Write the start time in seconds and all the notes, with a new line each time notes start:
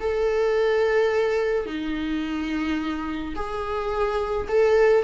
0.00 A4
1.66 D#4
3.35 G#4
4.48 A4